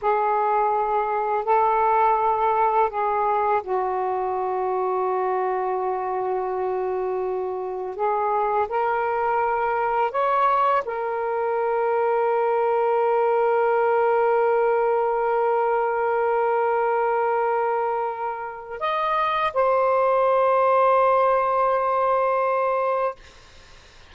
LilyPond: \new Staff \with { instrumentName = "saxophone" } { \time 4/4 \tempo 4 = 83 gis'2 a'2 | gis'4 fis'2.~ | fis'2. gis'4 | ais'2 cis''4 ais'4~ |
ais'1~ | ais'1~ | ais'2 dis''4 c''4~ | c''1 | }